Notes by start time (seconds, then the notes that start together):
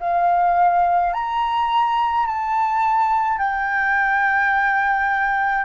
0.00 F5
1.13 A#5
2.26 A5
3.39 G5